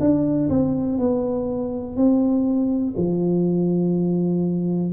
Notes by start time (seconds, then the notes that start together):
0.00 D4
0.50 C4
0.98 B3
1.96 C4
2.97 F3